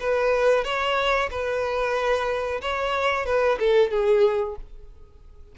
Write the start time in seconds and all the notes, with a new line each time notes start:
0.00 B4
0.64 C#5
1.30 B4
2.61 C#5
3.26 B4
3.60 A4
3.91 G#4